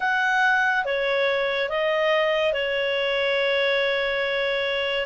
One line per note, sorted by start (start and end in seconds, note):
0.00 0.85 F#5
0.85 1.69 C#5
1.69 2.53 D#5
2.53 5.06 C#5